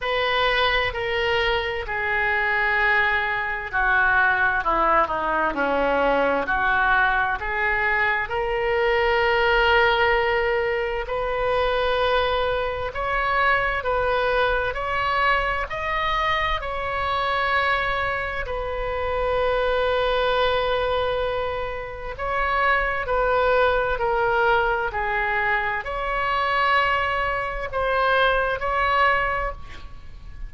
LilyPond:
\new Staff \with { instrumentName = "oboe" } { \time 4/4 \tempo 4 = 65 b'4 ais'4 gis'2 | fis'4 e'8 dis'8 cis'4 fis'4 | gis'4 ais'2. | b'2 cis''4 b'4 |
cis''4 dis''4 cis''2 | b'1 | cis''4 b'4 ais'4 gis'4 | cis''2 c''4 cis''4 | }